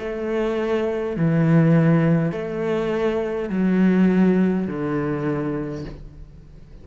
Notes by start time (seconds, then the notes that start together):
0.00 A3
1.17 E3
2.33 A3
3.50 F#3
4.67 D3